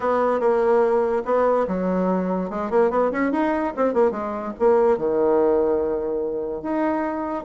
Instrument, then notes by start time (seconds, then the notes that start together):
bassoon
0.00 B3
0.39 A#3
1.25 B3
1.67 F#3
2.50 G#3
2.70 A#3
2.90 B3
3.11 C#4
3.32 D#4
3.76 C4
3.93 A#3
4.11 G#3
4.59 A#3
4.97 D#3
6.62 D#4